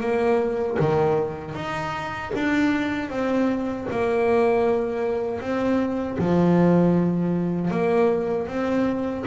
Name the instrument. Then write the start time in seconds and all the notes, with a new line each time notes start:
double bass
0.00 A#3
0.79 D#3
1.55 D#4
2.34 D4
3.09 C4
3.90 A#3
5.41 C4
6.18 F3
7.70 A#3
8.47 C4